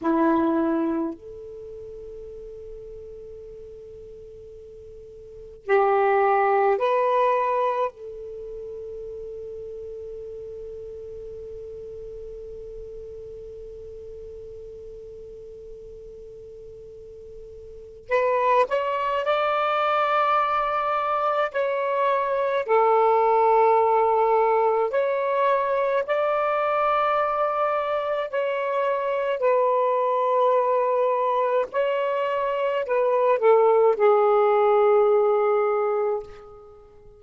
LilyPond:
\new Staff \with { instrumentName = "saxophone" } { \time 4/4 \tempo 4 = 53 e'4 a'2.~ | a'4 g'4 b'4 a'4~ | a'1~ | a'1 |
b'8 cis''8 d''2 cis''4 | a'2 cis''4 d''4~ | d''4 cis''4 b'2 | cis''4 b'8 a'8 gis'2 | }